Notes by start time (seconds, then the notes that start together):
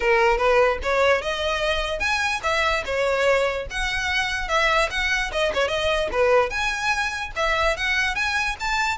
0.00 A#4
0.37 B4
0.82 C#5
1.21 D#5
1.99 G#5
2.43 E5
2.85 C#5
3.70 F#5
4.48 E5
4.90 F#5
5.32 D#5
5.53 C#5
5.68 D#5
6.12 B4
6.49 G#5
7.36 E5
7.76 F#5
8.15 G#5
8.60 A5